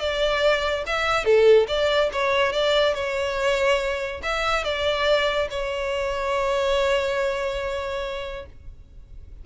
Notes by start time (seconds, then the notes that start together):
0.00 D5
0.87 E5
1.25 A4
1.68 D5
2.12 C#5
2.53 D5
2.94 C#5
4.23 E5
4.64 D5
5.50 C#5